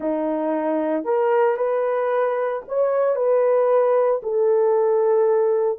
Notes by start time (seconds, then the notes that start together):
0.00 D#4
1.04 A#4
1.56 B4
2.68 C#5
3.15 B4
4.22 A4